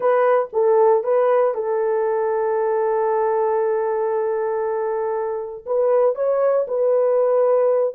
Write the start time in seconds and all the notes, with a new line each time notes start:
0.00 B4
0.52 A4
1.03 B4
1.54 A4
5.65 B4
6.15 C#5
6.67 B4